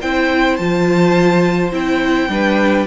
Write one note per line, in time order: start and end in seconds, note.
0.00 0.58 C4
0.00 0.59 E4
0.00 2.29 C5
0.00 0.56 G5
0.56 1.72 F3
0.56 1.72 F4
0.56 1.70 A5
1.72 2.28 C4
1.72 2.29 E4
1.72 2.86 G5
2.28 2.85 G3
2.28 2.86 D4
2.28 2.86 B4